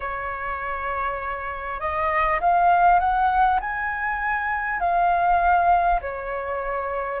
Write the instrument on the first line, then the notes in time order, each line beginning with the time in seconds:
flute
0.00 C#5
1.79 D#5
2.40 F5
2.99 F#5
3.60 G#5
4.79 F5
6.01 C#5